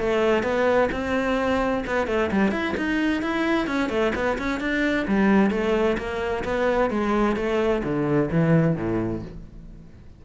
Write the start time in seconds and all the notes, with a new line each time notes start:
0.00 A3
0.43 B3
0.92 C4
1.87 B3
2.07 A3
2.32 G3
2.52 E4
2.77 D#4
3.22 E4
3.68 C#4
3.90 A3
4.15 B3
4.38 C#4
4.60 D4
5.08 G3
5.51 A3
5.98 A#3
6.44 B3
6.91 G#3
7.36 A3
7.84 D3
8.31 E3
8.76 A2